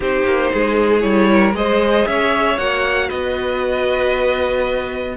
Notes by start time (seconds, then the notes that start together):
0.00 C4 D#4 G4 C5
0.24 A#3
0.52 G#3 G#4
1.00 G3 E4 C#5
1.32 A#4
1.53 G#3 G#4 C5 D#5
2.07 C#4 C#5 E5
2.57 A#3 F#4 F#5
3.08 B3 B4 D#5